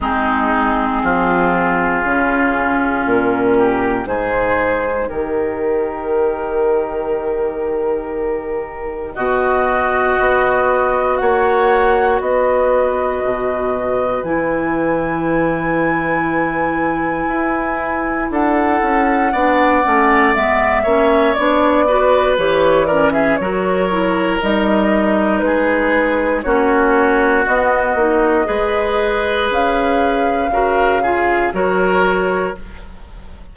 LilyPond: <<
  \new Staff \with { instrumentName = "flute" } { \time 4/4 \tempo 4 = 59 gis'2. ais'4 | c''4 ais'2.~ | ais'4 dis''2 fis''4 | dis''2 gis''2~ |
gis''2 fis''2 | e''4 d''4 cis''8 d''16 e''16 cis''4 | dis''4 b'4 cis''4 dis''4~ | dis''4 f''2 cis''4 | }
  \new Staff \with { instrumentName = "oboe" } { \time 4/4 dis'4 f'2~ f'8 g'8 | gis'4 g'2.~ | g'4 fis'2 cis''4 | b'1~ |
b'2 a'4 d''4~ | d''8 cis''4 b'4 ais'16 gis'16 ais'4~ | ais'4 gis'4 fis'2 | b'2 ais'8 gis'8 ais'4 | }
  \new Staff \with { instrumentName = "clarinet" } { \time 4/4 c'2 cis'2 | dis'1~ | dis'4 fis'2.~ | fis'2 e'2~ |
e'2. d'8 cis'8 | b8 cis'8 d'8 fis'8 g'8 cis'8 fis'8 e'8 | dis'2 cis'4 b8 dis'8 | gis'2 fis'8 f'8 fis'4 | }
  \new Staff \with { instrumentName = "bassoon" } { \time 4/4 gis4 f4 cis4 ais,4 | gis,4 dis2.~ | dis4 b,4 b4 ais4 | b4 b,4 e2~ |
e4 e'4 d'8 cis'8 b8 a8 | gis8 ais8 b4 e4 fis4 | g4 gis4 ais4 b8 ais8 | gis4 cis'4 cis4 fis4 | }
>>